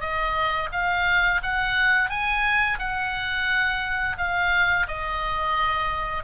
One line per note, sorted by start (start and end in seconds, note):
0.00 0.69 D#5
0.72 1.41 F5
1.43 2.09 F#5
2.09 2.78 G#5
2.78 4.16 F#5
4.18 4.87 F5
4.87 6.24 D#5